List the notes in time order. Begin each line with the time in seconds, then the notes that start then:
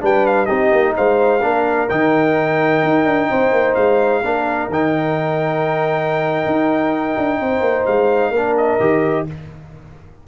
0.00 G3 D4 B4 G5
0.26 F5
0.46 C4 D#4 G4 D#5
0.71 A#3
0.96 G#3 C5 F5
1.42 A#3 D4 A#4
1.89 D#3 D#4 G5
2.83 D#4
3.05 D4
3.30 C4 C5
3.52 A#3
3.74 G#3 F5
4.22 A#3 D4 A#4
4.69 D#3 D#4 G5
6.46 D#4
7.17 D4
7.39 C4 C5
7.60 A#3
7.85 G#3 F5
8.30 A#3 D4 A#4
8.57 D#5
8.80 D#3 G4